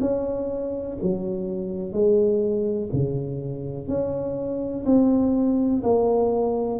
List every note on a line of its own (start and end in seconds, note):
0.00 0.97 C#4
1.02 1.92 F#3
1.92 2.89 G#3
2.93 3.88 C#3
3.88 4.85 C#4
4.85 5.82 C4
5.83 6.79 A#3